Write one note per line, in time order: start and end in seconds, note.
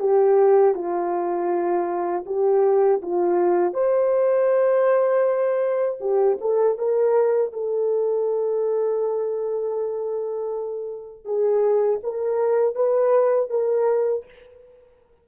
0.00 0.75 G4
0.75 2.25 F4
2.26 3.01 G4
3.02 3.74 F4
3.74 5.99 C5
6.01 6.38 G4
6.41 6.78 A4
6.78 7.53 A#4
7.53 11.25 A4
11.25 12.00 G#4
12.03 12.75 A#4
12.75 13.50 B4
13.50 14.25 A#4